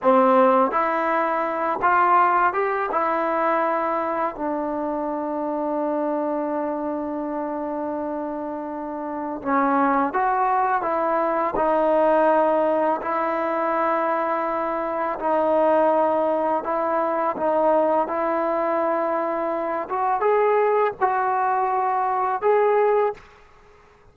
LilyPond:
\new Staff \with { instrumentName = "trombone" } { \time 4/4 \tempo 4 = 83 c'4 e'4. f'4 g'8 | e'2 d'2~ | d'1~ | d'4 cis'4 fis'4 e'4 |
dis'2 e'2~ | e'4 dis'2 e'4 | dis'4 e'2~ e'8 fis'8 | gis'4 fis'2 gis'4 | }